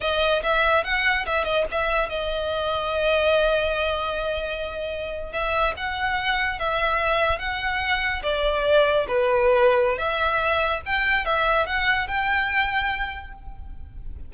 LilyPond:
\new Staff \with { instrumentName = "violin" } { \time 4/4 \tempo 4 = 144 dis''4 e''4 fis''4 e''8 dis''8 | e''4 dis''2.~ | dis''1~ | dis''8. e''4 fis''2 e''16~ |
e''4.~ e''16 fis''2 d''16~ | d''4.~ d''16 b'2~ b'16 | e''2 g''4 e''4 | fis''4 g''2. | }